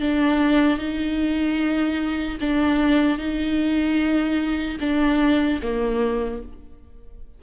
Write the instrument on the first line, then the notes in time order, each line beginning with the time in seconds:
viola
0.00 D4
0.77 D#4
2.40 D4
3.18 D#4
4.80 D4
5.62 A#3